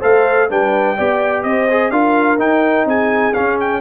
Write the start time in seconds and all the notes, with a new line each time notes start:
0.00 A3 A4 C5 F5
0.49 G3 D4 B4 G5
0.96 B3 G4 D5
1.43 C4 C5 D#5
1.70 G#4
1.90 D4 F4 A#4 F5
2.38 D#4 G5
2.85 C4 G#4 G#5
3.33 C#4 F5
3.60 G5